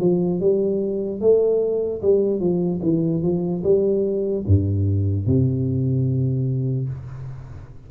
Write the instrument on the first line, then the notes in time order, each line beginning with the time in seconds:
tuba
0.00 F3
0.41 G3
1.21 A3
2.02 G3
2.40 F3
2.82 E3
3.22 F3
3.63 G3
4.47 G2
5.27 C3